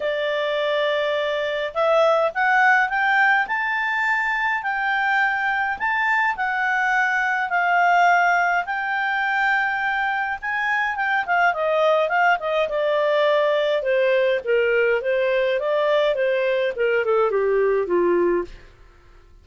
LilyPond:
\new Staff \with { instrumentName = "clarinet" } { \time 4/4 \tempo 4 = 104 d''2. e''4 | fis''4 g''4 a''2 | g''2 a''4 fis''4~ | fis''4 f''2 g''4~ |
g''2 gis''4 g''8 f''8 | dis''4 f''8 dis''8 d''2 | c''4 ais'4 c''4 d''4 | c''4 ais'8 a'8 g'4 f'4 | }